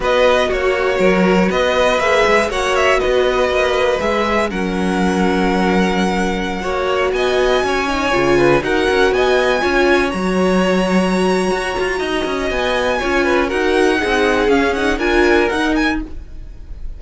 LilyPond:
<<
  \new Staff \with { instrumentName = "violin" } { \time 4/4 \tempo 4 = 120 dis''4 cis''2 dis''4 | e''4 fis''8 e''8 dis''2 | e''4 fis''2.~ | fis''2~ fis''16 gis''4.~ gis''16~ |
gis''4~ gis''16 fis''4 gis''4.~ gis''16~ | gis''16 ais''2.~ ais''8.~ | ais''4 gis''2 fis''4~ | fis''4 f''8 fis''8 gis''4 fis''8 gis''8 | }
  \new Staff \with { instrumentName = "violin" } { \time 4/4 b'4 fis'4 ais'4 b'4~ | b'4 cis''4 b'2~ | b'4 ais'2.~ | ais'4~ ais'16 cis''4 dis''4 cis''8.~ |
cis''8. b'8 ais'4 dis''4 cis''8.~ | cis''1 | dis''2 cis''8 b'8 ais'4 | gis'2 ais'2 | }
  \new Staff \with { instrumentName = "viola" } { \time 4/4 fis'1 | gis'4 fis'2. | gis'4 cis'2.~ | cis'4~ cis'16 fis'2~ fis'8 dis'16~ |
dis'16 f'4 fis'2 f'8.~ | f'16 fis'2.~ fis'8.~ | fis'2 f'4 fis'4 | dis'4 cis'8 dis'8 f'4 dis'4 | }
  \new Staff \with { instrumentName = "cello" } { \time 4/4 b4 ais4 fis4 b4 | ais8 gis8 ais4 b4 ais4 | gis4 fis2.~ | fis4~ fis16 ais4 b4 cis'8.~ |
cis'16 cis4 dis'8 cis'8 b4 cis'8.~ | cis'16 fis2~ fis8. fis'8 f'8 | dis'8 cis'8 b4 cis'4 dis'4 | c'4 cis'4 d'4 dis'4 | }
>>